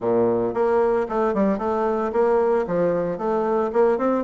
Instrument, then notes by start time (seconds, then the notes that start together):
bassoon
0.00 A#2
0.53 A#3
1.08 A3
1.33 G3
1.58 A3
2.12 A#3
2.67 F3
3.17 A3
3.72 A#3
3.98 C4